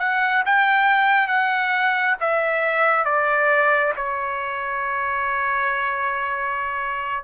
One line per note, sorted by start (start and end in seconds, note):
0.00 0.44 F#5
0.46 1.28 G5
1.28 2.16 F#5
2.21 3.05 E5
3.05 3.93 D5
3.97 7.24 C#5